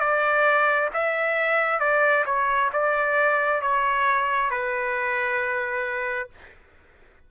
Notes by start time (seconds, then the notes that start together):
0.00 D5
0.94 E5
1.80 D5
2.26 C#5
2.73 D5
3.61 C#5
4.50 B4